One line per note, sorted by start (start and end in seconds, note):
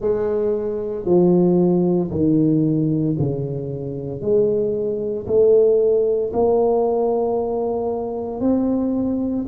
0.00 1.05 G#3
1.05 2.10 F3
2.11 3.16 D#3
3.18 4.21 C#3
4.21 5.26 G#3
5.26 6.32 A3
6.33 8.40 A#3
8.40 9.45 C4